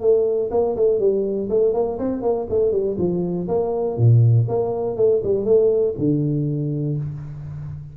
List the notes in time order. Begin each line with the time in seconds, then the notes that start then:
0.00 A3
0.51 A#3
0.76 A3
0.99 G3
1.49 A3
1.73 A#3
1.99 C4
2.22 A#3
2.49 A3
2.71 G3
2.98 F3
3.48 A#3
3.97 A#2
4.48 A#3
4.96 A3
5.23 G3
5.45 A3
5.98 D3